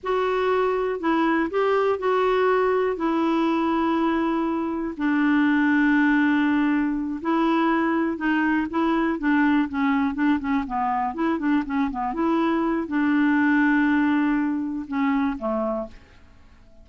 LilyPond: \new Staff \with { instrumentName = "clarinet" } { \time 4/4 \tempo 4 = 121 fis'2 e'4 g'4 | fis'2 e'2~ | e'2 d'2~ | d'2~ d'8 e'4.~ |
e'8 dis'4 e'4 d'4 cis'8~ | cis'8 d'8 cis'8 b4 e'8 d'8 cis'8 | b8 e'4. d'2~ | d'2 cis'4 a4 | }